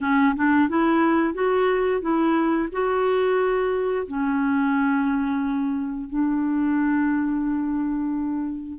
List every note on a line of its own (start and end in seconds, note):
0.01 0.34 C#4
0.35 0.68 D4
0.68 1.34 E4
1.34 2.01 F#4
2.01 2.68 E4
2.72 4.06 F#4
4.07 6.09 C#4
6.09 8.78 D4